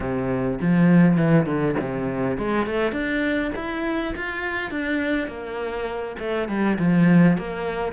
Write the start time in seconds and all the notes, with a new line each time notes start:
0.00 C3
0.61 F3
1.17 E3
1.45 D3
1.80 C3
2.37 G#3
2.66 A3
2.92 D4
3.55 E4
4.16 F4
4.70 D4
5.27 A#3
6.19 A3
6.48 G3
6.79 F3
7.37 A#3